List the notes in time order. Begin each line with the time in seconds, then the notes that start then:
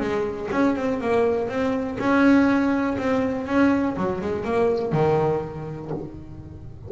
0.00 G#3
0.52 C#4
0.76 C4
1.01 A#3
1.49 C4
1.99 C#4
2.98 C4
3.47 C#4
3.97 F#3
4.21 G#3
4.44 A#3
4.92 D#3